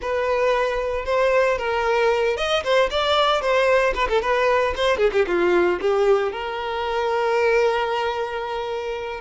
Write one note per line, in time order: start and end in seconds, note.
0.01 1.05 B4
1.05 1.57 C5
1.58 2.36 A#4
2.36 2.63 D#5
2.63 2.89 C5
2.90 3.41 D5
3.41 3.93 C5
3.94 4.08 B4
4.08 4.21 A4
4.21 4.74 B4
4.75 4.97 C5
4.97 5.10 G#4
5.12 5.25 G4
5.26 5.79 F4
5.80 6.32 G4
6.32 9.20 A#4